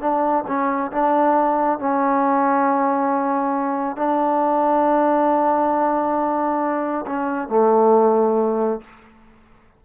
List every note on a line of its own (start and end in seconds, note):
0.00 0.44 D4
0.47 0.91 C#4
0.91 1.79 D4
1.79 3.96 C#4
3.96 7.05 D4
7.06 7.49 C#4
7.49 8.81 A3